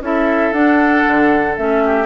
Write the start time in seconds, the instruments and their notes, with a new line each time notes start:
0.00 bassoon C#4, clarinet E4, oboe A4, flute E5
0.51 bassoon D4, clarinet D4, flute F#5
1.07 bassoon D3
1.56 bassoon A3, clarinet C#4, flute E5
1.84 oboe G4